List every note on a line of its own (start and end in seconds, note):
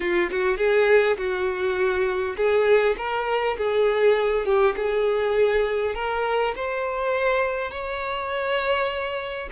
0.00 0.30 F4
0.31 0.57 F#4
0.57 1.16 G#4
1.17 2.36 F#4
2.36 2.96 G#4
2.97 3.56 A#4
3.57 4.45 G#4
4.45 4.75 G4
4.76 5.95 G#4
5.95 6.54 A#4
6.55 7.71 C5
7.71 9.49 C#5